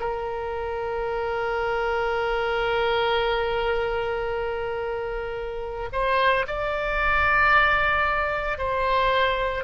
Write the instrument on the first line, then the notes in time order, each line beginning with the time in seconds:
oboe
0.00 A#4
5.93 C5
6.47 D5
8.58 C5